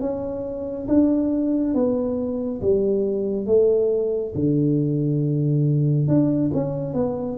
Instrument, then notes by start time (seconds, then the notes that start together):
tuba
0.00 C#4
0.88 D4
1.74 B3
2.61 G3
3.46 A3
4.35 D3
6.08 D4
6.54 C#4
6.94 B3